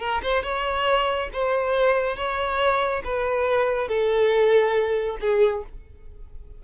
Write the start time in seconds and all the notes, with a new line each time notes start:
0.00 A#4
0.23 C5
0.43 C#5
1.33 C5
2.17 C#5
3.05 B4
3.88 A4
5.21 G#4